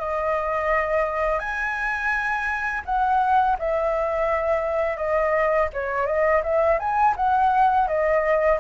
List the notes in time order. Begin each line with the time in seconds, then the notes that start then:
0.00 D#5
1.40 G#5
2.85 F#5
3.59 E5
4.97 D#5
5.74 C#5
6.06 D#5
6.44 E5
6.80 G#5
7.17 F#5
7.88 D#5